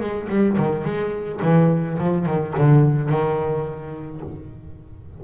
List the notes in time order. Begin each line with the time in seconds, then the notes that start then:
0.00 G#3
0.29 G3
0.57 D#3
0.84 G#3
1.41 E3
1.98 F3
2.26 D#3
2.57 D3
3.09 D#3